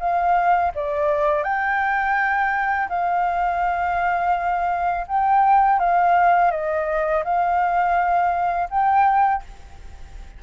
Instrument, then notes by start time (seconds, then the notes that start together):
flute
0.00 F5
0.76 D5
1.44 G5
2.89 F5
5.08 G5
5.80 F5
6.52 D#5
7.25 F5
8.71 G5